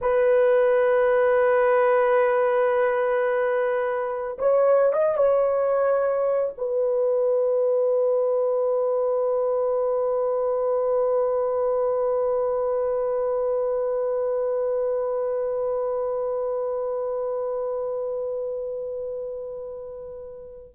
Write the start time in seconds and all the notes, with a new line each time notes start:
0.01 B4
4.38 C#5
4.92 D#5
5.17 C#5
6.57 B4